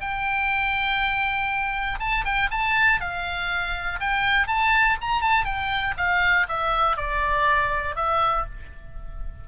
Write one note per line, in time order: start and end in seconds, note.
0.00 1.98 G5
1.99 2.24 A5
2.24 2.49 G5
2.50 3.00 A5
3.00 3.99 F5
4.00 4.47 G5
4.47 4.96 A5
5.01 5.21 A#5
5.21 5.45 A5
5.45 5.94 G5
5.97 6.46 F5
6.48 6.96 E5
6.96 7.95 D5
7.95 8.45 E5